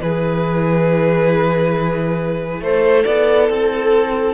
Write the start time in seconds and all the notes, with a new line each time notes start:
0.00 E3 E4 G#4 B4
2.61 A3 A4 C5
3.04 B3 D5
3.50 C4 A4